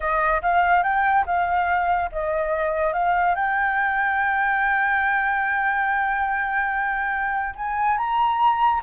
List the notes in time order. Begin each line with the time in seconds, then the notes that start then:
0.00 D#5
0.42 F5
0.83 G5
1.26 F5
2.12 D#5
2.93 F5
3.35 G5
7.55 G#5
7.97 A#5